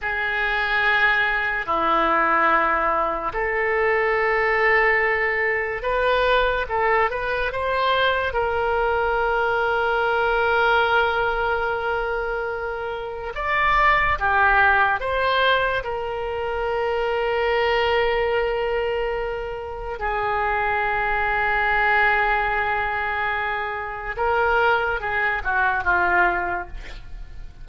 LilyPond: \new Staff \with { instrumentName = "oboe" } { \time 4/4 \tempo 4 = 72 gis'2 e'2 | a'2. b'4 | a'8 b'8 c''4 ais'2~ | ais'1 |
d''4 g'4 c''4 ais'4~ | ais'1 | gis'1~ | gis'4 ais'4 gis'8 fis'8 f'4 | }